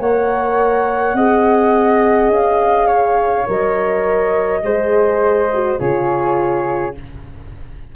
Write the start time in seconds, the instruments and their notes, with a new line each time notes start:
0.00 tuba A#3, horn A#4, flute C#5 F#5
1.14 tuba C4, horn G#4, flute D#5
2.30 tuba C#4, flute F5
2.87 flute C#5
3.47 tuba F#3, horn A#4, flute D#5
4.64 tuba G#3, horn G#4, flute C5
5.54 horn F#4
5.79 tuba C#3, horn F4, flute G#4 C#5